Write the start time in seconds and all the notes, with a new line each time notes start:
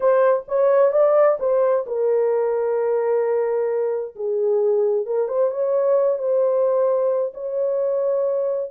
0.00 C5
0.48 C#5
0.92 D5
1.39 C5
1.86 A#4
4.15 G#4
5.05 A#4
5.28 C5
5.50 C#5
6.18 C5
7.34 C#5